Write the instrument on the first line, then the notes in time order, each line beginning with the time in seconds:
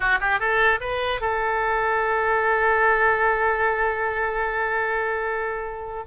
oboe
0.00 F#4
0.21 G4
0.39 A4
0.80 B4
1.20 A4